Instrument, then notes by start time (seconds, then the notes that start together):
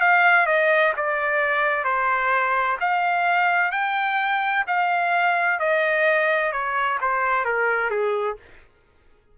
trumpet
0.00 F5
0.46 D#5
0.96 D5
1.84 C5
2.80 F5
3.71 G5
4.67 F5
5.59 D#5
6.52 C#5
7.00 C5
7.45 A#4
7.90 G#4